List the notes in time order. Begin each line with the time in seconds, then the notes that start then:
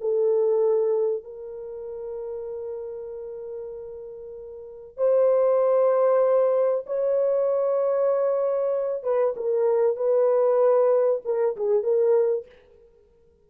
0.00 A4
1.23 A#4
4.97 C5
6.86 C#5
9.03 B4
9.36 A#4
9.96 B4
11.24 A#4
11.56 G#4
11.83 A#4